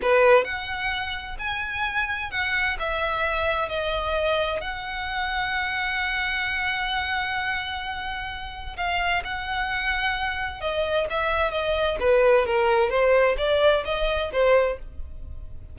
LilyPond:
\new Staff \with { instrumentName = "violin" } { \time 4/4 \tempo 4 = 130 b'4 fis''2 gis''4~ | gis''4 fis''4 e''2 | dis''2 fis''2~ | fis''1~ |
fis''2. f''4 | fis''2. dis''4 | e''4 dis''4 b'4 ais'4 | c''4 d''4 dis''4 c''4 | }